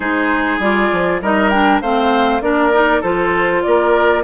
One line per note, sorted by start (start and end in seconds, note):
0.00 0.58 G#3
0.00 0.61 D#4
0.00 1.21 G#4
0.00 0.60 C5
0.59 0.89 G3
0.59 1.21 F4
0.59 1.21 D5
0.92 1.21 F3
1.21 1.81 G3
1.21 1.52 D#4
1.21 1.81 A#4
1.21 1.49 D#5
1.49 1.82 D4
1.49 1.79 G5
1.81 2.41 A3
1.81 2.41 C4
1.81 2.42 C5
1.81 2.41 F5
2.41 3.01 A#3
2.41 2.72 D4
2.41 3.01 A#4
2.41 3.02 D5
2.72 3.03 D#4
3.01 3.63 F3
3.01 4.23 F4
3.01 3.61 A4
3.01 3.62 C5
3.62 4.23 A#3
3.62 4.23 A#4
3.62 4.23 D5